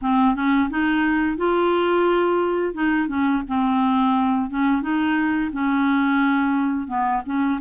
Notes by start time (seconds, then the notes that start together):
0.01 C4
0.35 C#4
0.70 D#4
1.37 F4
2.73 D#4
3.08 C#4
3.47 C4
4.50 C#4
4.82 D#4
5.52 C#4
6.87 B3
7.25 C#4